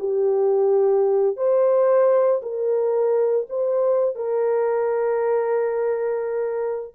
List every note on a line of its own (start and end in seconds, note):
0.00 1.37 G4
1.37 2.42 C5
2.43 3.47 A#4
3.50 4.16 C5
4.16 6.95 A#4